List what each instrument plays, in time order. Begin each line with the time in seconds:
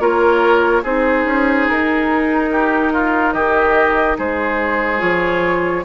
0.00 bassoon A#3, clarinet F4, oboe A#4, flute C#5
0.83 bassoon C4, clarinet D#4, oboe G#4, flute C5
1.25 bassoon C#4
1.69 bassoon D#4, flute A#4
2.52 oboe G4
2.93 oboe F4
3.33 bassoon D#3, oboe G4, flute D#5
4.18 bassoon G#3, oboe G#4, flute C5
4.99 bassoon F3, clarinet F4, flute C#5